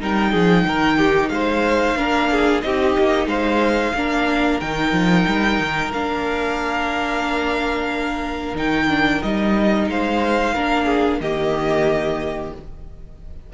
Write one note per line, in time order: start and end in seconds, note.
0.00 0.34 G3
0.00 1.98 D#4
0.00 0.32 A#4
0.00 1.29 G5
0.32 0.65 F3
0.32 0.65 G#4
0.65 1.30 D#3
0.65 0.98 A#4
0.98 1.31 G4
1.29 1.96 G#3
1.29 1.98 C5
1.29 2.61 F5
1.97 2.63 A#3
1.97 2.62 D4
1.97 2.31 A#4
2.31 2.64 G#4
2.62 2.96 C4
2.62 3.94 D#4
2.62 3.28 G4
2.62 3.28 D#5
2.99 3.27 A#3
3.27 3.93 G#3
3.27 3.94 C5
3.27 4.60 F5
3.95 4.61 A#3
3.95 4.62 D4
3.95 9.91 A#4
4.60 4.92 D#3
4.60 5.94 D#4
4.60 5.92 G5
4.92 5.25 F3
5.27 5.59 G3
5.59 5.91 D#3
5.91 8.54 A#3
5.91 8.56 D4
5.91 8.57 F5
8.54 9.20 D#3
8.54 8.89 D#4
8.54 9.23 G5
8.89 9.22 D4
9.23 9.88 G3
9.23 10.56 D#4
9.23 9.89 D#5
9.88 10.54 G#3
9.88 10.55 C5
9.88 11.21 F5
10.55 11.20 A#3
10.55 11.22 D4
10.55 10.85 A#4
10.85 11.18 G#4
11.20 12.52 D#3
11.20 12.53 A#3
11.20 12.54 G4
11.20 12.53 D#5